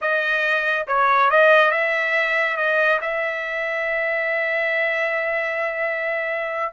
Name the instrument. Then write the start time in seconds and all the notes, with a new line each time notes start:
trumpet
0.01 D#5
0.87 C#5
1.30 D#5
1.71 E5
2.57 D#5
3.01 E5